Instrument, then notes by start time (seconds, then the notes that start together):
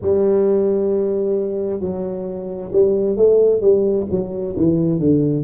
tuba
0.01 G3
1.80 F#3
2.72 G3
3.16 A3
3.60 G3
4.10 F#3
4.56 E3
4.99 D3